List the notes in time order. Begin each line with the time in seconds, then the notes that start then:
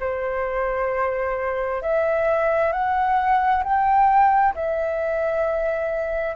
0.00 C5
1.82 E5
2.72 F#5
3.63 G5
4.55 E5